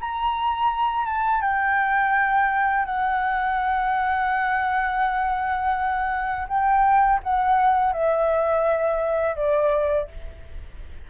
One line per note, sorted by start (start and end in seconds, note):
0.00 1.05 A#5
1.05 1.41 A5
1.41 2.85 G5
2.85 6.47 F#5
6.48 7.20 G5
7.23 7.93 F#5
7.93 9.35 E5
9.35 10.07 D5